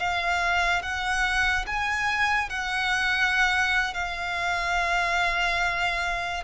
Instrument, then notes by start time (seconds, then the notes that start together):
violin
0.00 F5
0.83 F#5
1.67 G#5
2.50 F#5
3.94 F5